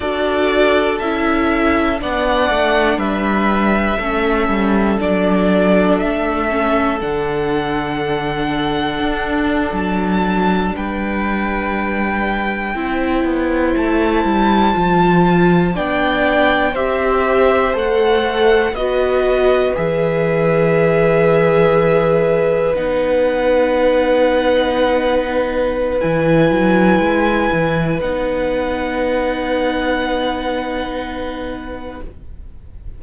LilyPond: <<
  \new Staff \with { instrumentName = "violin" } { \time 4/4 \tempo 4 = 60 d''4 e''4 fis''4 e''4~ | e''4 d''4 e''4 fis''4~ | fis''4.~ fis''16 a''4 g''4~ g''16~ | g''4.~ g''16 a''2 g''16~ |
g''8. e''4 fis''4 dis''4 e''16~ | e''2~ e''8. fis''4~ fis''16~ | fis''2 gis''2 | fis''1 | }
  \new Staff \with { instrumentName = "violin" } { \time 4/4 a'2 d''4 b'4 | a'1~ | a'2~ a'8. b'4~ b'16~ | b'8. c''2. d''16~ |
d''8. c''2 b'4~ b'16~ | b'1~ | b'1~ | b'1 | }
  \new Staff \with { instrumentName = "viola" } { \time 4/4 fis'4 e'4 d'2 | cis'4 d'4. cis'8 d'4~ | d'1~ | d'8. e'2 f'4 d'16~ |
d'8. g'4 a'4 fis'4 gis'16~ | gis'2~ gis'8. dis'4~ dis'16~ | dis'2 e'2 | dis'1 | }
  \new Staff \with { instrumentName = "cello" } { \time 4/4 d'4 cis'4 b8 a8 g4 | a8 g8 fis4 a4 d4~ | d4 d'8. fis4 g4~ g16~ | g8. c'8 b8 a8 g8 f4 b16~ |
b8. c'4 a4 b4 e16~ | e2~ e8. b4~ b16~ | b2 e8 fis8 gis8 e8 | b1 | }
>>